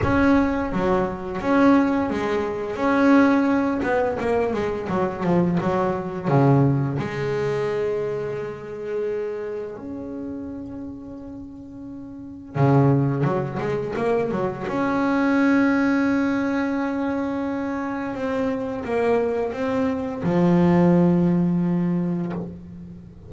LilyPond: \new Staff \with { instrumentName = "double bass" } { \time 4/4 \tempo 4 = 86 cis'4 fis4 cis'4 gis4 | cis'4. b8 ais8 gis8 fis8 f8 | fis4 cis4 gis2~ | gis2 cis'2~ |
cis'2 cis4 fis8 gis8 | ais8 fis8 cis'2.~ | cis'2 c'4 ais4 | c'4 f2. | }